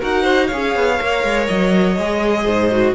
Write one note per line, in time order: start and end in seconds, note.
0.00 0.53 D#4
0.00 0.50 F#4
0.00 0.23 A#4
0.00 0.48 F#5
0.23 0.47 C5
0.47 0.75 C#4
0.47 0.99 G#4
0.47 2.44 C#5
0.47 1.46 F5
0.75 1.00 B3
0.99 1.24 A#3
0.99 1.97 A#4
1.24 1.48 G#3
1.48 1.98 F#3
1.48 2.95 D#5
1.98 2.45 G#3
1.98 2.72 G#4
2.45 2.95 G#2
2.45 2.94 C5
2.72 2.95 F#4